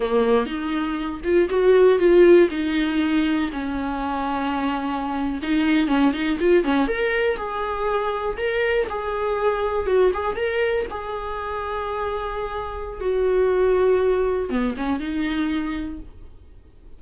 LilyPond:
\new Staff \with { instrumentName = "viola" } { \time 4/4 \tempo 4 = 120 ais4 dis'4. f'8 fis'4 | f'4 dis'2 cis'4~ | cis'2~ cis'8. dis'4 cis'16~ | cis'16 dis'8 f'8 cis'8 ais'4 gis'4~ gis'16~ |
gis'8. ais'4 gis'2 fis'16~ | fis'16 gis'8 ais'4 gis'2~ gis'16~ | gis'2 fis'2~ | fis'4 b8 cis'8 dis'2 | }